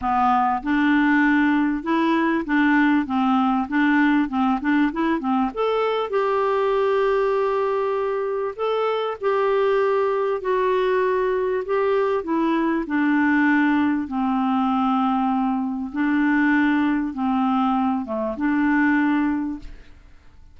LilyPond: \new Staff \with { instrumentName = "clarinet" } { \time 4/4 \tempo 4 = 98 b4 d'2 e'4 | d'4 c'4 d'4 c'8 d'8 | e'8 c'8 a'4 g'2~ | g'2 a'4 g'4~ |
g'4 fis'2 g'4 | e'4 d'2 c'4~ | c'2 d'2 | c'4. a8 d'2 | }